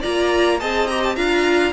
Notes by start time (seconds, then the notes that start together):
0.00 A#3 F4 D5 A#5
0.59 C4 G#4 D#5 A5
0.87 G4 A#5
1.03 A5
1.15 D4 F4 F5 A#5